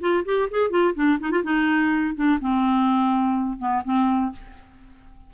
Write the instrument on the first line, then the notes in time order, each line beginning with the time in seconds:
clarinet
0.00 F4
0.25 G4
0.50 G#4
0.70 F4
0.94 D4
1.20 D#4
1.31 F4
1.43 D#4
2.15 D4
2.40 C4
3.58 B3
3.84 C4